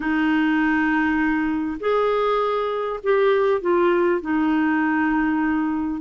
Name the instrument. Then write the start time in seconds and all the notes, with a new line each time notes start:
clarinet
0.00 D#4
1.80 G#4
3.03 G4
3.61 F4
4.21 D#4